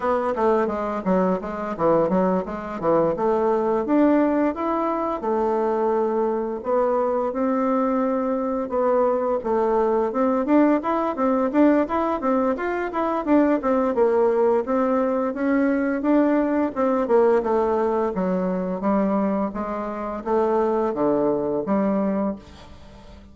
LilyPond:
\new Staff \with { instrumentName = "bassoon" } { \time 4/4 \tempo 4 = 86 b8 a8 gis8 fis8 gis8 e8 fis8 gis8 | e8 a4 d'4 e'4 a8~ | a4. b4 c'4.~ | c'8 b4 a4 c'8 d'8 e'8 |
c'8 d'8 e'8 c'8 f'8 e'8 d'8 c'8 | ais4 c'4 cis'4 d'4 | c'8 ais8 a4 fis4 g4 | gis4 a4 d4 g4 | }